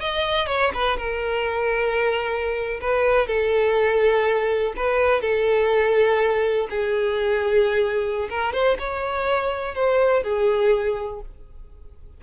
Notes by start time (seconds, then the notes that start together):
0.00 D#5
0.46 C#5
0.74 B4
0.97 A#4
2.81 B4
3.27 A4
4.76 B4
5.21 A4
6.70 G#4
8.29 A#4
8.53 C5
8.78 C#5
9.74 C5
10.23 G#4